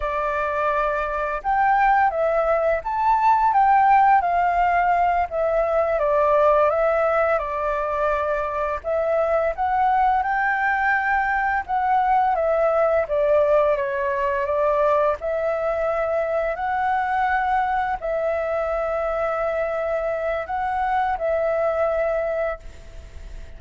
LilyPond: \new Staff \with { instrumentName = "flute" } { \time 4/4 \tempo 4 = 85 d''2 g''4 e''4 | a''4 g''4 f''4. e''8~ | e''8 d''4 e''4 d''4.~ | d''8 e''4 fis''4 g''4.~ |
g''8 fis''4 e''4 d''4 cis''8~ | cis''8 d''4 e''2 fis''8~ | fis''4. e''2~ e''8~ | e''4 fis''4 e''2 | }